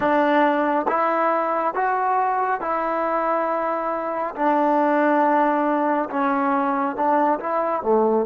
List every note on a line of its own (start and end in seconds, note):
0.00 0.86 D4
0.88 1.74 E4
1.74 2.60 F#4
2.60 4.34 E4
4.35 6.09 D4
6.10 6.96 C#4
6.96 7.39 D4
7.39 7.82 E4
7.82 8.26 A3